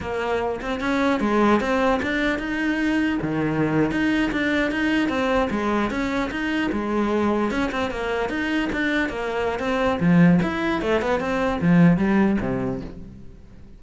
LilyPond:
\new Staff \with { instrumentName = "cello" } { \time 4/4 \tempo 4 = 150 ais4. c'8 cis'4 gis4 | c'4 d'4 dis'2 | dis4.~ dis16 dis'4 d'4 dis'16~ | dis'8. c'4 gis4 cis'4 dis'16~ |
dis'8. gis2 cis'8 c'8 ais16~ | ais8. dis'4 d'4 ais4~ ais16 | c'4 f4 e'4 a8 b8 | c'4 f4 g4 c4 | }